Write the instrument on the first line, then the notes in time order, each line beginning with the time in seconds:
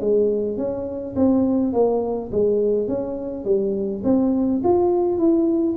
tuba
0.00 G#3
0.57 C#4
1.16 C4
1.73 A#3
2.32 G#3
2.87 C#4
3.44 G3
4.04 C4
4.64 F4
5.18 E4